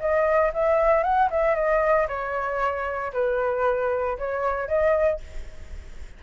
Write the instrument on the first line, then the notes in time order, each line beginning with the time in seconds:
flute
0.00 D#5
0.54 E5
1.03 F#5
1.31 E5
1.55 D#5
2.08 C#5
3.13 B4
4.18 C#5
4.68 D#5